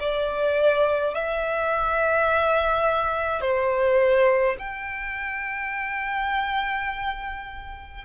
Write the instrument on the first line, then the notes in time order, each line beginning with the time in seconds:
violin
0.00 D5
1.15 E5
3.41 C5
4.59 G5